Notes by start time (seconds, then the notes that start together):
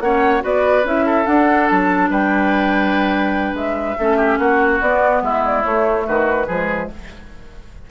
0.00 A#3 C#4 C#5 F#5
0.41 B3 F#4 B4 D5
0.84 C#4 E4 E5
1.06 A4
1.25 D4 F#5
1.68 F#3 A5
2.10 G3 B4 G5
3.54 G#3 E5
3.99 A3 C#4 A4
4.17 G4
4.38 A#3 F#4 F#5
4.81 B3 D5
5.22 G#3 E4 E5
5.46 D5
5.62 A3 C#5
6.07 D#3 F#4 B4
6.47 F3 G#3 G#4